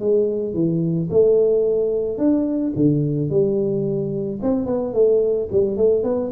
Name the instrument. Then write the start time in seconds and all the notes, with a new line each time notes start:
tuba
0.00 G#3
0.54 E3
1.11 A3
2.18 D4
2.76 D3
3.30 G3
4.42 C4
4.66 B3
4.94 A3
5.52 G3
5.77 A3
6.04 B3